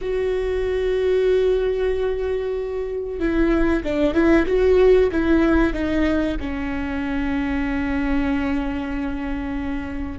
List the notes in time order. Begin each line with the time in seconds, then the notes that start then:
0.01 F#4
3.19 E4
3.83 D4
4.14 E4
4.46 F#4
5.11 E4
5.73 D#4
6.40 C#4